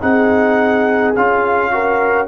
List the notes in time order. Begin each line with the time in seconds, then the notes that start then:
0.00 C4 D#4 G#4 F#5
1.15 C#4 F4 F5
1.71 F#4 A#4